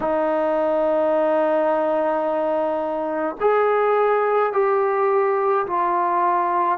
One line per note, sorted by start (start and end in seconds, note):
0.00 3.36 D#4
3.40 4.52 G#4
4.52 5.66 G4
5.66 6.78 F4